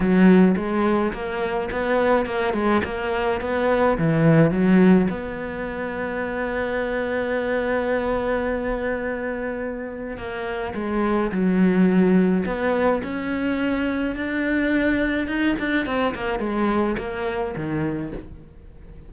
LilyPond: \new Staff \with { instrumentName = "cello" } { \time 4/4 \tempo 4 = 106 fis4 gis4 ais4 b4 | ais8 gis8 ais4 b4 e4 | fis4 b2.~ | b1~ |
b2 ais4 gis4 | fis2 b4 cis'4~ | cis'4 d'2 dis'8 d'8 | c'8 ais8 gis4 ais4 dis4 | }